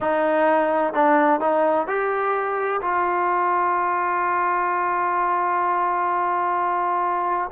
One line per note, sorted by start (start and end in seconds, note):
0.00 0.93 D#4
0.93 1.40 D4
1.40 1.87 D#4
1.87 2.81 G4
2.81 7.50 F4